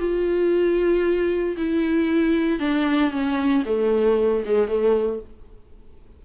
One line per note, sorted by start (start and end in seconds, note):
0.00 1.57 F4
1.57 2.60 E4
2.60 3.12 D4
3.12 3.64 C#4
3.66 4.44 A3
4.46 4.68 G#3
4.68 5.21 A3